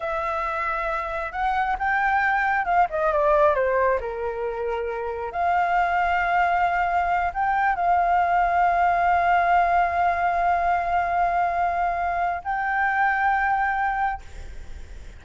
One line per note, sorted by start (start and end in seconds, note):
0.00 1.32 E5
1.32 1.76 F#5
1.78 2.65 G5
2.65 2.87 F5
2.90 3.12 D#5
3.12 3.54 D5
3.54 3.99 C5
4.00 5.32 A#4
5.32 7.32 F5
7.33 7.75 G5
7.75 12.42 F5
12.43 14.21 G5